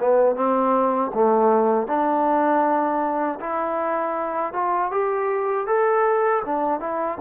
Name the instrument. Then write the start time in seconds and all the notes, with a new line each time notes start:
trombone
0.00 B3
0.36 C4
1.14 A3
1.88 D4
3.40 E4
4.54 F4
4.92 G4
5.67 A4
6.46 D4
6.80 E4